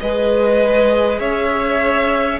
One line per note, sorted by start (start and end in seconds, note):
0.00 1.20 G#3
0.00 2.40 G#4
0.00 1.19 B4
0.00 1.19 D#5
1.19 2.40 C#4
1.19 2.39 C#5
1.19 2.39 E5